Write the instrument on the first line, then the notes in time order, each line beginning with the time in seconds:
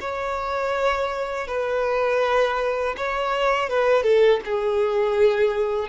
violin
0.00 C#5
1.47 B4
2.97 C#5
3.69 B4
4.03 A4
4.45 G#4